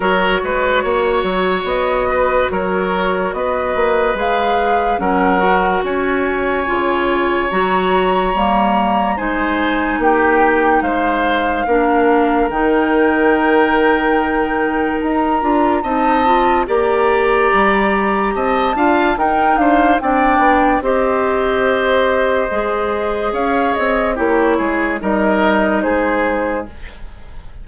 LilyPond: <<
  \new Staff \with { instrumentName = "flute" } { \time 4/4 \tempo 4 = 72 cis''2 dis''4 cis''4 | dis''4 f''4 fis''4 gis''4~ | gis''4 ais''2 gis''4 | g''4 f''2 g''4~ |
g''2 ais''4 a''4 | ais''2 a''4 g''8 f''8 | g''4 dis''2. | f''8 dis''8 cis''4 dis''4 c''4 | }
  \new Staff \with { instrumentName = "oboe" } { \time 4/4 ais'8 b'8 cis''4. b'8 ais'4 | b'2 ais'4 cis''4~ | cis''2. c''4 | g'4 c''4 ais'2~ |
ais'2. dis''4 | d''2 dis''8 f''8 ais'8 c''8 | d''4 c''2. | cis''4 g'8 gis'8 ais'4 gis'4 | }
  \new Staff \with { instrumentName = "clarinet" } { \time 4/4 fis'1~ | fis'4 gis'4 cis'8 fis'4. | f'4 fis'4 ais4 dis'4~ | dis'2 d'4 dis'4~ |
dis'2~ dis'8 f'8 dis'8 f'8 | g'2~ g'8 f'8 dis'4 | d'4 g'2 gis'4~ | gis'4 e'4 dis'2 | }
  \new Staff \with { instrumentName = "bassoon" } { \time 4/4 fis8 gis8 ais8 fis8 b4 fis4 | b8 ais8 gis4 fis4 cis'4 | cis4 fis4 g4 gis4 | ais4 gis4 ais4 dis4~ |
dis2 dis'8 d'8 c'4 | ais4 g4 c'8 d'8 dis'8 d'8 | c'8 b8 c'2 gis4 | cis'8 c'8 ais8 gis8 g4 gis4 | }
>>